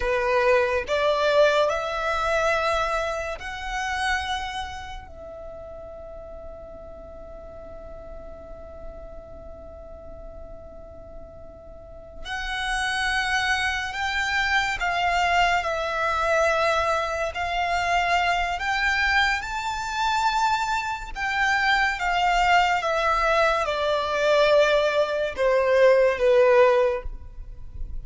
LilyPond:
\new Staff \with { instrumentName = "violin" } { \time 4/4 \tempo 4 = 71 b'4 d''4 e''2 | fis''2 e''2~ | e''1~ | e''2~ e''8 fis''4.~ |
fis''8 g''4 f''4 e''4.~ | e''8 f''4. g''4 a''4~ | a''4 g''4 f''4 e''4 | d''2 c''4 b'4 | }